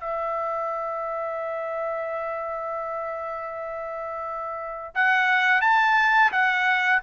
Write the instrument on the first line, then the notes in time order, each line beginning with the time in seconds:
trumpet
0.00 E5
4.95 F#5
5.61 A5
6.31 F#5